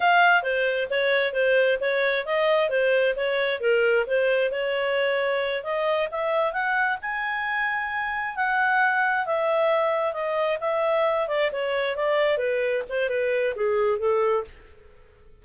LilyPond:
\new Staff \with { instrumentName = "clarinet" } { \time 4/4 \tempo 4 = 133 f''4 c''4 cis''4 c''4 | cis''4 dis''4 c''4 cis''4 | ais'4 c''4 cis''2~ | cis''8 dis''4 e''4 fis''4 gis''8~ |
gis''2~ gis''8 fis''4.~ | fis''8 e''2 dis''4 e''8~ | e''4 d''8 cis''4 d''4 b'8~ | b'8 c''8 b'4 gis'4 a'4 | }